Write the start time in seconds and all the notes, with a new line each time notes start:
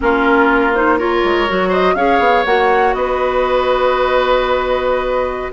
0.00 A#3 C#4 F4 A#4
0.73 D#4 C5
0.98 F4 A#4 C#5
1.24 G#3
1.48 F#3 F#4
1.68 C5 D#5
1.94 C#4 G#4 C#5 F5
2.19 B3
2.45 A#3 F#4 F#5
2.93 B3 B4 D#5